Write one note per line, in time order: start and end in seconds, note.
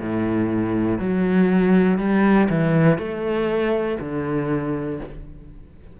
0.00 0.99 A2
0.99 1.98 F#3
1.98 2.48 G3
2.50 2.99 E3
2.99 3.99 A3
4.00 5.00 D3